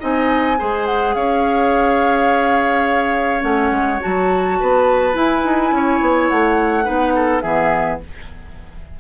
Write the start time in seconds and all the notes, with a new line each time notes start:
0.00 C4 D#4 D#5 G#5
0.59 G#3 G#4 C5
0.86 F#5
1.15 C#4 C#5 F5
3.41 A3 C#4 F#5
3.71 G#3
4.00 F#3 F#4 A5
4.61 B3 B4
5.14 E4 G#5
5.44 D#4
5.72 C#4 C#5
6.01 B3
6.29 A3 F#5
6.84 B3 D#4 B4
7.16 A4
7.41 E3 B3 G#4 E5